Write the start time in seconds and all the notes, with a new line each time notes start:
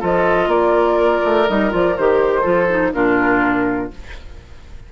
0.00 F3 F4 A4 D#5
0.47 A#3 A#4 D5
1.24 A3
1.49 G3 D#4 D#5
1.70 F3 F4 D5
1.97 D#3 G4 C5
2.41 F3 F4 A4
2.69 D#4
2.93 A#2 D4 F4 A#4